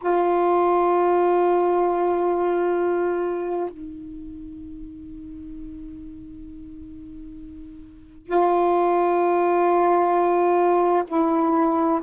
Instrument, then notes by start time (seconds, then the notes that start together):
saxophone
0.01 F4
3.69 D#4
8.26 F4
11.07 E4